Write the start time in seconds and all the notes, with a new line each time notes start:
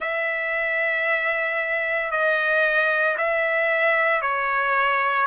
0.00 E5
2.11 D#5
3.17 E5
4.21 C#5